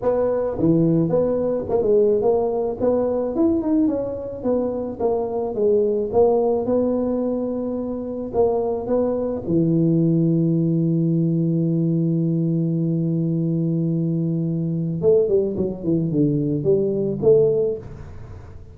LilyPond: \new Staff \with { instrumentName = "tuba" } { \time 4/4 \tempo 4 = 108 b4 e4 b4 ais16 gis8. | ais4 b4 e'8 dis'8 cis'4 | b4 ais4 gis4 ais4 | b2. ais4 |
b4 e2.~ | e1~ | e2. a8 g8 | fis8 e8 d4 g4 a4 | }